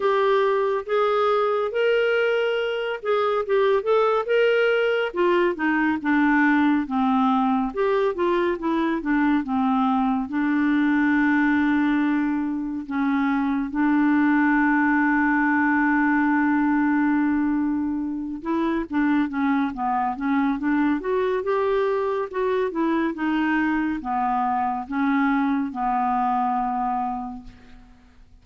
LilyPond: \new Staff \with { instrumentName = "clarinet" } { \time 4/4 \tempo 4 = 70 g'4 gis'4 ais'4. gis'8 | g'8 a'8 ais'4 f'8 dis'8 d'4 | c'4 g'8 f'8 e'8 d'8 c'4 | d'2. cis'4 |
d'1~ | d'4. e'8 d'8 cis'8 b8 cis'8 | d'8 fis'8 g'4 fis'8 e'8 dis'4 | b4 cis'4 b2 | }